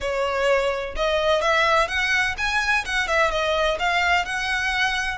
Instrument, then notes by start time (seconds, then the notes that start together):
violin
0.00 C#5
0.96 D#5
1.41 E5
1.88 F#5
2.37 G#5
2.85 F#5
3.07 E5
3.30 D#5
3.79 F5
4.25 F#5